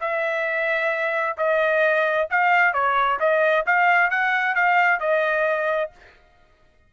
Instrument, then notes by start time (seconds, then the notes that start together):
trumpet
0.00 E5
1.37 D#5
2.30 F5
2.74 C#5
3.20 D#5
3.66 F5
4.10 F#5
4.55 F5
5.00 D#5